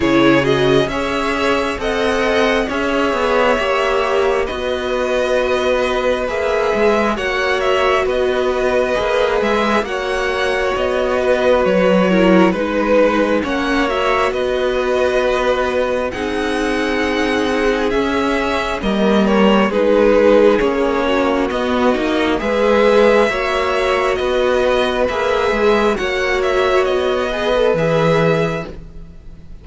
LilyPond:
<<
  \new Staff \with { instrumentName = "violin" } { \time 4/4 \tempo 4 = 67 cis''8 dis''8 e''4 fis''4 e''4~ | e''4 dis''2 e''4 | fis''8 e''8 dis''4. e''8 fis''4 | dis''4 cis''4 b'4 fis''8 e''8 |
dis''2 fis''2 | e''4 dis''8 cis''8 b'4 cis''4 | dis''4 e''2 dis''4 | e''4 fis''8 e''8 dis''4 e''4 | }
  \new Staff \with { instrumentName = "violin" } { \time 4/4 gis'4 cis''4 dis''4 cis''4~ | cis''4 b'2. | cis''4 b'2 cis''4~ | cis''8 b'4 ais'8 b'4 cis''4 |
b'2 gis'2~ | gis'4 ais'4 gis'4. fis'8~ | fis'4 b'4 cis''4 b'4~ | b'4 cis''4. b'4. | }
  \new Staff \with { instrumentName = "viola" } { \time 4/4 e'8 fis'8 gis'4 a'4 gis'4 | g'4 fis'2 gis'4 | fis'2 gis'4 fis'4~ | fis'4. e'8 dis'4 cis'8 fis'8~ |
fis'2 dis'2 | cis'4 ais4 dis'4 cis'4 | b8 dis'8 gis'4 fis'2 | gis'4 fis'4. gis'16 a'16 gis'4 | }
  \new Staff \with { instrumentName = "cello" } { \time 4/4 cis4 cis'4 c'4 cis'8 b8 | ais4 b2 ais8 gis8 | ais4 b4 ais8 gis8 ais4 | b4 fis4 gis4 ais4 |
b2 c'2 | cis'4 g4 gis4 ais4 | b8 ais8 gis4 ais4 b4 | ais8 gis8 ais4 b4 e4 | }
>>